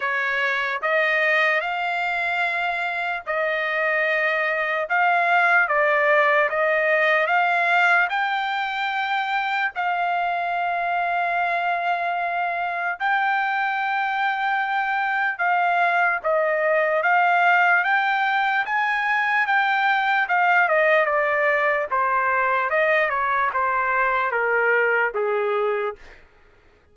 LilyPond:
\new Staff \with { instrumentName = "trumpet" } { \time 4/4 \tempo 4 = 74 cis''4 dis''4 f''2 | dis''2 f''4 d''4 | dis''4 f''4 g''2 | f''1 |
g''2. f''4 | dis''4 f''4 g''4 gis''4 | g''4 f''8 dis''8 d''4 c''4 | dis''8 cis''8 c''4 ais'4 gis'4 | }